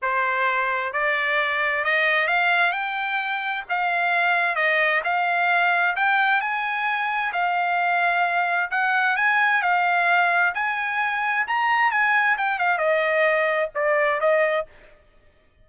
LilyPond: \new Staff \with { instrumentName = "trumpet" } { \time 4/4 \tempo 4 = 131 c''2 d''2 | dis''4 f''4 g''2 | f''2 dis''4 f''4~ | f''4 g''4 gis''2 |
f''2. fis''4 | gis''4 f''2 gis''4~ | gis''4 ais''4 gis''4 g''8 f''8 | dis''2 d''4 dis''4 | }